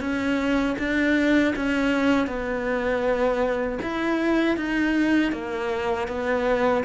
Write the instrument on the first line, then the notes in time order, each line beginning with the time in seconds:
cello
0.00 C#4
0.78 D4
1.56 C#4
2.27 B3
3.82 E4
4.57 D#4
5.32 A#3
6.08 B3